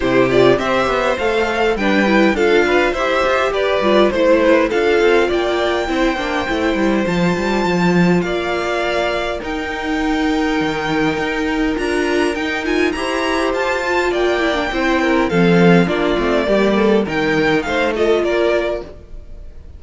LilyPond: <<
  \new Staff \with { instrumentName = "violin" } { \time 4/4 \tempo 4 = 102 c''8 d''8 e''4 f''4 g''4 | f''4 e''4 d''4 c''4 | f''4 g''2. | a''2 f''2 |
g''1 | ais''4 g''8 gis''8 ais''4 a''4 | g''2 f''4 d''4~ | d''4 g''4 f''8 dis''8 d''4 | }
  \new Staff \with { instrumentName = "violin" } { \time 4/4 g'4 c''2 b'4 | a'8 b'8 c''4 b'4 c''8 b'8 | a'4 d''4 c''2~ | c''2 d''2 |
ais'1~ | ais'2 c''2 | d''4 c''8 ais'8 a'4 f'4 | g'8 a'8 ais'4 c''8 a'8 ais'4 | }
  \new Staff \with { instrumentName = "viola" } { \time 4/4 e'8 f'8 g'4 a'4 d'8 e'8 | f'4 g'4. f'8 e'4 | f'2 e'8 d'8 e'4 | f'1 |
dis'1 | f'4 dis'8 f'8 g'4. f'8~ | f'8 e'16 d'16 e'4 c'4 d'8 c'8 | ais4 dis'4. f'4. | }
  \new Staff \with { instrumentName = "cello" } { \time 4/4 c4 c'8 b8 a4 g4 | d'4 e'8 f'8 g'8 g8 a4 | d'8 c'8 ais4 c'8 ais8 a8 g8 | f8 g8 f4 ais2 |
dis'2 dis4 dis'4 | d'4 dis'4 e'4 f'4 | ais4 c'4 f4 ais8 a8 | g4 dis4 a4 ais4 | }
>>